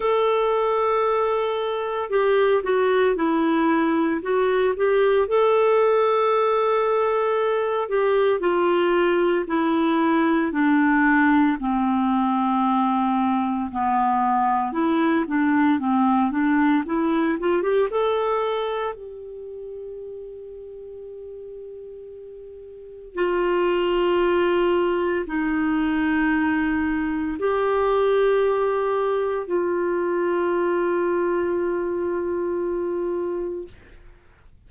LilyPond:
\new Staff \with { instrumentName = "clarinet" } { \time 4/4 \tempo 4 = 57 a'2 g'8 fis'8 e'4 | fis'8 g'8 a'2~ a'8 g'8 | f'4 e'4 d'4 c'4~ | c'4 b4 e'8 d'8 c'8 d'8 |
e'8 f'16 g'16 a'4 g'2~ | g'2 f'2 | dis'2 g'2 | f'1 | }